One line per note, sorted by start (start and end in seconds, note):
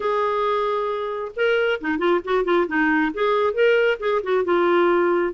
0.00 1.31 G#4
1.36 1.80 A#4
1.81 1.98 D#4
1.98 2.20 F4
2.24 2.44 F#4
2.44 2.66 F4
2.67 3.12 D#4
3.13 3.53 G#4
3.53 3.98 A#4
3.99 4.21 G#4
4.23 4.44 F#4
4.44 5.33 F4